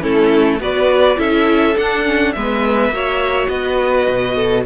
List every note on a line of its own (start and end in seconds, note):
0.00 0.59 A3
0.00 0.58 C#4
0.00 0.61 E4
0.00 0.61 A4
0.59 1.17 B3
0.59 1.16 F#4
0.59 1.18 B4
0.59 1.19 D5
1.16 1.76 C#4
1.16 1.74 E4
1.16 2.34 A4
1.16 1.77 E5
1.77 2.04 D4
1.77 2.36 D4
1.77 2.32 F#5
2.04 2.33 C#4
2.32 2.89 G#3
2.32 2.93 B3
2.32 2.94 B4
2.32 3.48 E5
2.89 3.47 A#3
2.89 4.65 F#4
2.89 3.50 C#5
3.48 4.07 B3
3.48 4.35 B4
3.48 4.64 D#5
4.08 4.65 B2
4.35 4.64 A4